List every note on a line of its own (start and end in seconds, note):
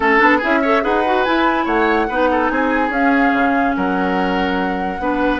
0.00 0.19 A3
0.00 0.18 C#4
0.00 0.37 A4
0.00 0.42 A4
0.18 0.42 B3
0.18 0.39 D4
0.37 0.84 C#4
0.37 0.63 E4
0.37 0.58 G#4
0.37 0.83 E5
0.62 0.82 A4
0.62 0.82 C#5
0.82 1.26 D#4
0.82 1.03 G#4
0.82 1.64 B4
0.82 1.24 F#5
1.05 1.25 F#4
1.24 2.09 E4
1.24 1.66 E4
1.24 1.65 G#5
1.64 2.08 A3
1.64 2.06 C#5
1.64 2.48 F#5
2.08 2.50 B3
2.08 2.90 D#4
2.08 2.29 B4
2.31 2.51 A4
2.48 2.89 C4
2.48 3.76 G#4
2.48 2.90 G#5
2.89 3.31 C#4
2.89 4.99 C#4
2.89 3.75 F5
3.33 3.75 C#3
3.76 4.99 F#3
3.76 5.01 A#4
3.76 5.39 F#5
4.99 5.39 B3
4.99 5.39 D4
4.99 5.39 B4